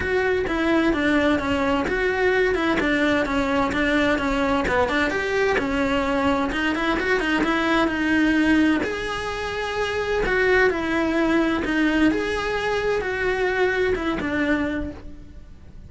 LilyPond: \new Staff \with { instrumentName = "cello" } { \time 4/4 \tempo 4 = 129 fis'4 e'4 d'4 cis'4 | fis'4. e'8 d'4 cis'4 | d'4 cis'4 b8 d'8 g'4 | cis'2 dis'8 e'8 fis'8 dis'8 |
e'4 dis'2 gis'4~ | gis'2 fis'4 e'4~ | e'4 dis'4 gis'2 | fis'2 e'8 d'4. | }